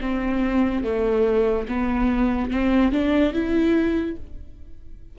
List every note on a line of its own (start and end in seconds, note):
0.00 0.83 C4
0.83 1.67 A3
1.67 2.50 B3
2.50 2.92 C4
2.92 3.33 D4
3.33 4.16 E4